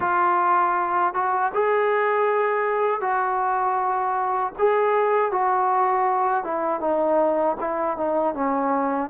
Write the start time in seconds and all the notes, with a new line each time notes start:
0.00 F4
1.14 F#4
1.54 G#4
3.00 F#4
4.58 G#4
5.31 F#4
6.43 E4
6.80 D#4
7.60 E4
7.97 D#4
8.34 C#4